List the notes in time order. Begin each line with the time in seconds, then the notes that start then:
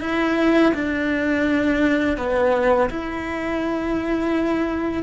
0.00 E4
0.74 D4
2.17 B3
2.89 E4